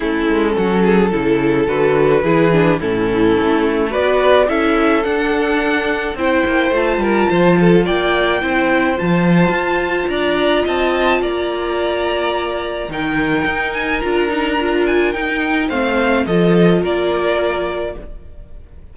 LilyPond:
<<
  \new Staff \with { instrumentName = "violin" } { \time 4/4 \tempo 4 = 107 a'2. b'4~ | b'4 a'2 d''4 | e''4 fis''2 g''4 | a''2 g''2 |
a''2 ais''4 a''4 | ais''2. g''4~ | g''8 gis''8 ais''4. gis''8 g''4 | f''4 dis''4 d''2 | }
  \new Staff \with { instrumentName = "violin" } { \time 4/4 e'4 fis'8 gis'8 a'2 | gis'4 e'2 b'4 | a'2. c''4~ | c''8 ais'8 c''8 a'8 d''4 c''4~ |
c''2 d''4 dis''4 | d''2. ais'4~ | ais'1 | c''4 a'4 ais'2 | }
  \new Staff \with { instrumentName = "viola" } { \time 4/4 cis'2 e'4 fis'4 | e'8 d'8 cis'2 fis'4 | e'4 d'2 e'4 | f'2. e'4 |
f'1~ | f'2. dis'4~ | dis'4 f'8 dis'8 f'4 dis'4 | c'4 f'2. | }
  \new Staff \with { instrumentName = "cello" } { \time 4/4 a8 gis8 fis4 cis4 d4 | e4 a,4 a4 b4 | cis'4 d'2 c'8 ais8 | a8 g8 f4 ais4 c'4 |
f4 f'4 d'4 c'4 | ais2. dis4 | dis'4 d'2 dis'4 | a4 f4 ais2 | }
>>